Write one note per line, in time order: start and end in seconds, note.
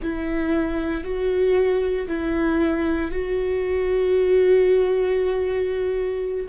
0.02 1.03 E4
1.03 2.07 F#4
2.07 3.11 E4
3.11 6.47 F#4